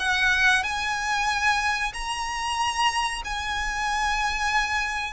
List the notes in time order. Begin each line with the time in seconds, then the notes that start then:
0.00 F#5
0.64 G#5
1.94 A#5
3.25 G#5